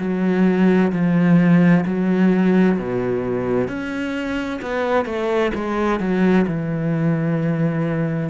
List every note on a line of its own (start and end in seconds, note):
0.00 0.92 F#3
0.93 1.85 F3
1.86 2.79 F#3
2.79 3.68 B2
3.68 4.61 C#4
4.62 5.06 B3
5.06 5.52 A3
5.55 6.00 G#3
6.00 6.46 F#3
6.47 8.30 E3